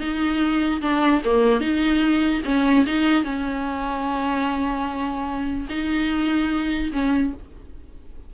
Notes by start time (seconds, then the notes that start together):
0.00 D#4
0.81 D4
1.25 A#3
1.61 D#4
2.45 C#4
2.86 D#4
3.24 C#4
5.70 D#4
6.93 C#4